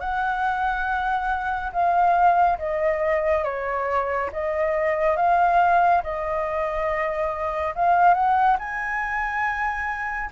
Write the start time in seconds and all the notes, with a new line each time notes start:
0.00 F#5
1.72 F5
2.58 D#5
3.44 C#5
4.32 D#5
5.16 F5
6.03 D#5
7.75 F5
8.14 F#5
8.59 G#5